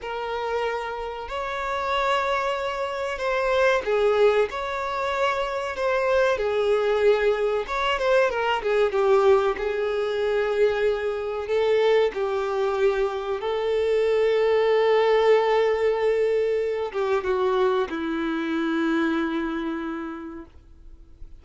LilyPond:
\new Staff \with { instrumentName = "violin" } { \time 4/4 \tempo 4 = 94 ais'2 cis''2~ | cis''4 c''4 gis'4 cis''4~ | cis''4 c''4 gis'2 | cis''8 c''8 ais'8 gis'8 g'4 gis'4~ |
gis'2 a'4 g'4~ | g'4 a'2.~ | a'2~ a'8 g'8 fis'4 | e'1 | }